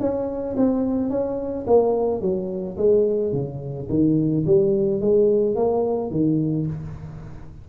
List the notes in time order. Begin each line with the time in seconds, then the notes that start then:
0.00 C#4
0.57 C4
1.10 C#4
1.67 A#3
2.21 F#3
2.77 G#3
3.33 C#3
3.89 D#3
4.46 G3
5.01 G#3
5.56 A#3
6.11 D#3